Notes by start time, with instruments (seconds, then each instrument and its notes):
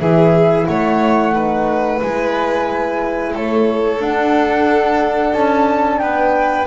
0.00 double bass E3, horn E4, violin G#4, flute E5
0.67 double bass A3, violin C#5, flute F#5
1.32 horn D#4, violin B4
2.01 double bass G#3, horn E4, flute G#5
3.33 double bass A3, violin A4, flute C#5
3.99 double bass D4, horn D4, flute F#5
5.34 double bass C#4, flute A5
5.99 double bass B3, violin B4, flute G5